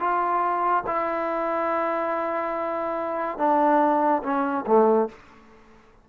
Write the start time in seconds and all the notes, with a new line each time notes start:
0.00 F4
0.87 E4
3.39 D4
4.24 C#4
4.67 A3